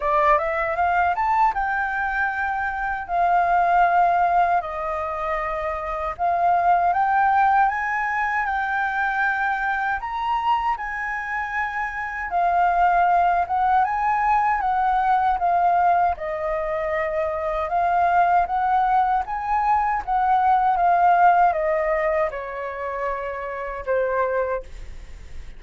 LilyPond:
\new Staff \with { instrumentName = "flute" } { \time 4/4 \tempo 4 = 78 d''8 e''8 f''8 a''8 g''2 | f''2 dis''2 | f''4 g''4 gis''4 g''4~ | g''4 ais''4 gis''2 |
f''4. fis''8 gis''4 fis''4 | f''4 dis''2 f''4 | fis''4 gis''4 fis''4 f''4 | dis''4 cis''2 c''4 | }